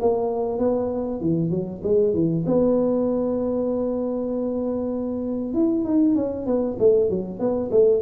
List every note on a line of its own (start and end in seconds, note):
0.00 0.58 A#3
0.58 1.20 B3
1.21 1.50 E3
1.50 1.81 F#3
1.83 2.14 G#3
2.14 2.45 E3
2.46 5.54 B3
5.54 5.84 E4
5.84 6.15 D#4
6.15 6.46 C#4
6.46 6.77 B3
6.79 7.10 A3
7.10 7.39 F#3
7.39 7.70 B3
7.71 8.02 A3